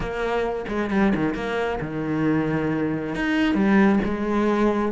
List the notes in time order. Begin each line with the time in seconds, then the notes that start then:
0.00 A#3
0.68 G#3
0.90 G3
1.15 D#3
1.34 A#3
1.81 D#3
3.15 D#4
3.54 G3
4.04 G#3